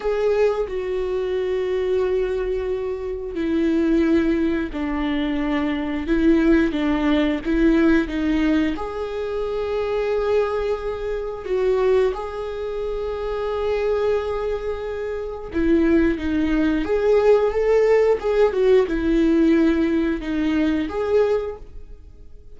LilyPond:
\new Staff \with { instrumentName = "viola" } { \time 4/4 \tempo 4 = 89 gis'4 fis'2.~ | fis'4 e'2 d'4~ | d'4 e'4 d'4 e'4 | dis'4 gis'2.~ |
gis'4 fis'4 gis'2~ | gis'2. e'4 | dis'4 gis'4 a'4 gis'8 fis'8 | e'2 dis'4 gis'4 | }